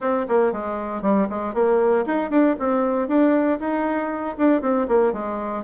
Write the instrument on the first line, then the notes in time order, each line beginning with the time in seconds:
bassoon
0.00 C4
0.28 A#3
0.52 G#3
1.02 G3
1.29 G#3
1.53 A#3
2.06 D#4
2.30 D4
2.59 C4
3.08 D4
3.59 D#4
4.37 D4
4.61 C4
4.88 A#3
5.13 G#3